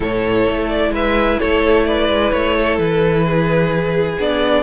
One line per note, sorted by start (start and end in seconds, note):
0.00 0.46 A2
0.00 4.17 E4
0.00 0.91 A4
0.00 0.68 C#5
0.49 0.90 A3
0.68 0.92 D5
0.90 1.37 G#3
0.90 1.39 B4
0.90 1.39 E5
1.39 2.09 A3
1.39 1.86 A4
1.39 1.86 C#5
1.86 2.56 B4
1.86 2.31 D5
2.09 2.32 G#3
2.31 2.78 A3
2.31 2.78 C#5
2.56 3.26 A4
2.78 4.18 E3
2.78 4.18 B4
3.26 4.63 G#4
4.18 4.63 B3
4.18 4.63 D4
4.18 4.63 D5